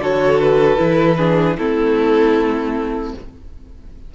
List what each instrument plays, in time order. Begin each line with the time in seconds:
0.00 cello D3, viola F#4, violin A4 C#5
0.40 violin B4
0.77 cello E3, viola E4
1.18 viola D4, violin G#4
1.57 cello A3, viola C4, violin E4 A4